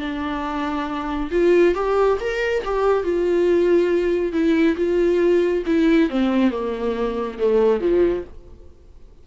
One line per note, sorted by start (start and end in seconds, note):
0.00 1.30 D4
1.31 1.75 F4
1.75 2.18 G4
2.20 2.64 A#4
2.65 3.04 G4
3.04 4.33 F4
4.33 4.76 E4
4.77 5.64 F4
5.67 6.10 E4
6.10 6.51 C4
6.51 7.38 A#3
7.39 7.81 A3
7.81 8.24 F3